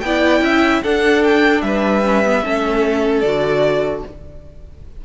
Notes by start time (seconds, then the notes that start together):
0.00 B3 D5 G5
0.06 E4
0.41 C#4 E5
0.83 D4 A4 F#5
1.23 G5
1.62 G3 B4 E5
2.04 C#4
2.25 B3
2.44 A3 C#4 A4
3.21 D3 F#4 D5